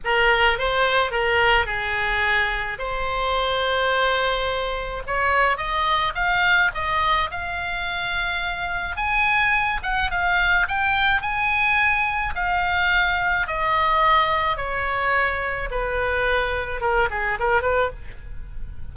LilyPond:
\new Staff \with { instrumentName = "oboe" } { \time 4/4 \tempo 4 = 107 ais'4 c''4 ais'4 gis'4~ | gis'4 c''2.~ | c''4 cis''4 dis''4 f''4 | dis''4 f''2. |
gis''4. fis''8 f''4 g''4 | gis''2 f''2 | dis''2 cis''2 | b'2 ais'8 gis'8 ais'8 b'8 | }